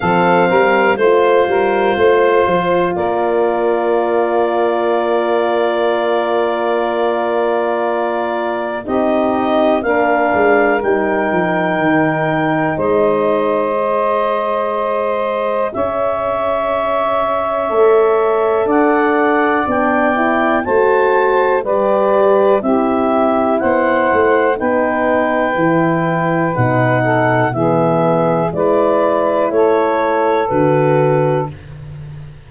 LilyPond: <<
  \new Staff \with { instrumentName = "clarinet" } { \time 4/4 \tempo 4 = 61 f''4 c''2 d''4~ | d''1~ | d''4 dis''4 f''4 g''4~ | g''4 dis''2. |
e''2. fis''4 | g''4 a''4 d''4 e''4 | fis''4 g''2 fis''4 | e''4 d''4 cis''4 b'4 | }
  \new Staff \with { instrumentName = "saxophone" } { \time 4/4 a'8 ais'8 c''8 ais'8 c''4 ais'4~ | ais'1~ | ais'4 g'4 ais'2~ | ais'4 c''2. |
cis''2. d''4~ | d''4 c''4 b'4 g'4 | c''4 b'2~ b'8 a'8 | gis'4 b'4 a'2 | }
  \new Staff \with { instrumentName = "horn" } { \time 4/4 c'4 f'2.~ | f'1~ | f'4 dis'4 d'4 dis'4~ | dis'2 gis'2~ |
gis'2 a'2 | d'8 e'8 fis'4 g'4 e'4~ | e'4 dis'4 e'4 dis'4 | b4 e'2 fis'4 | }
  \new Staff \with { instrumentName = "tuba" } { \time 4/4 f8 g8 a8 g8 a8 f8 ais4~ | ais1~ | ais4 c'4 ais8 gis8 g8 f8 | dis4 gis2. |
cis'2 a4 d'4 | b4 a4 g4 c'4 | b8 a8 b4 e4 b,4 | e4 gis4 a4 d4 | }
>>